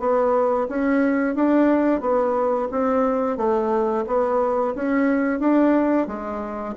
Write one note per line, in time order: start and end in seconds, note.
0.00 0.67 B3
0.69 1.35 C#4
1.35 2.01 D4
2.01 2.68 B3
2.72 3.37 C4
3.37 4.04 A3
4.07 4.75 B3
4.76 5.40 C#4
5.40 6.07 D4
6.07 6.75 G#3